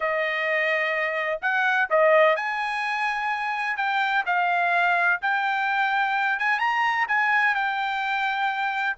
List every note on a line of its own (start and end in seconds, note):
0.00 1.40 D#5
1.41 1.88 F#5
1.90 2.36 D#5
2.36 3.76 G#5
3.76 4.24 G5
4.25 5.20 F5
5.21 6.39 G5
6.39 6.59 G#5
6.59 7.06 A#5
7.07 7.55 G#5
7.55 8.96 G5